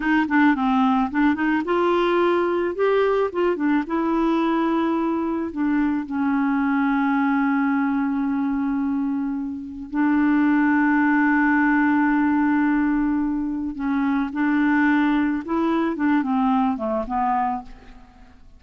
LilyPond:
\new Staff \with { instrumentName = "clarinet" } { \time 4/4 \tempo 4 = 109 dis'8 d'8 c'4 d'8 dis'8 f'4~ | f'4 g'4 f'8 d'8 e'4~ | e'2 d'4 cis'4~ | cis'1~ |
cis'2 d'2~ | d'1~ | d'4 cis'4 d'2 | e'4 d'8 c'4 a8 b4 | }